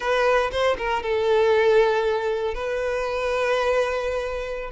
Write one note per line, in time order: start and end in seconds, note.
0.00 0.50 B4
0.51 0.77 C5
0.77 1.03 A#4
1.03 2.54 A4
2.54 4.70 B4